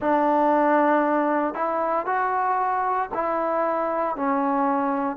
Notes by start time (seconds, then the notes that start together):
0.00 D4
1.54 E4
2.05 F#4
3.14 E4
4.16 C#4